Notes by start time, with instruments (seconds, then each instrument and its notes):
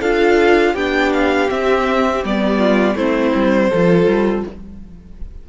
0.00 cello D4, viola F4, violin A4 F5
0.73 cello B3, viola D4, violin G4 G5
1.13 violin F5
1.48 viola C4, cello C4, violin E5
2.24 cello G3, viola B3, violin D5
2.58 violin F4
2.94 cello A3, viola C4, violin E4 C5
3.35 cello G3
3.69 cello F3, viola F4, violin A4
4.06 cello G3